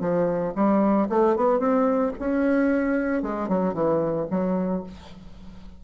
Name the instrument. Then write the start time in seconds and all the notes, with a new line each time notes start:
bassoon
0.00 F3
0.55 G3
1.09 A3
1.36 B3
1.59 C4
2.19 C#4
3.22 G#3
3.49 F#3
3.73 E3
4.30 F#3